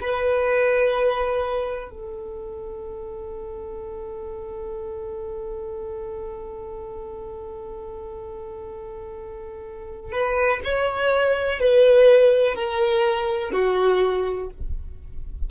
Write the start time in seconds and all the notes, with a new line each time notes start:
0.00 B4
1.90 A4
10.12 B4
10.64 C#5
11.60 B4
12.55 A#4
13.52 F#4